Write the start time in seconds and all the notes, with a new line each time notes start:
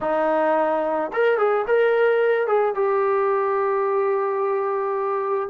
0.01 D#4
1.13 A#4
1.38 G#4
1.67 A#4
2.47 G#4
2.74 G4